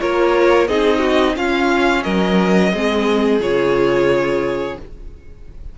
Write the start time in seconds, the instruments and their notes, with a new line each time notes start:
0.00 cello A#3, viola F4, violin A#4 C#5
0.68 cello C4, viola D#4, violin G#4 D#5
0.99 violin F#4
1.36 cello C#4, viola C#4, violin F4 F5
2.03 cello F#3, violin A#4 D#5
2.74 cello G#3, viola C4, violin G#4
3.40 cello C#3, viola F4, violin C#5